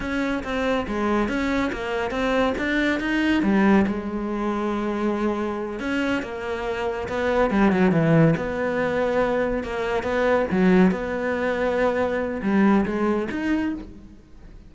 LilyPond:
\new Staff \with { instrumentName = "cello" } { \time 4/4 \tempo 4 = 140 cis'4 c'4 gis4 cis'4 | ais4 c'4 d'4 dis'4 | g4 gis2.~ | gis4. cis'4 ais4.~ |
ais8 b4 g8 fis8 e4 b8~ | b2~ b8 ais4 b8~ | b8 fis4 b2~ b8~ | b4 g4 gis4 dis'4 | }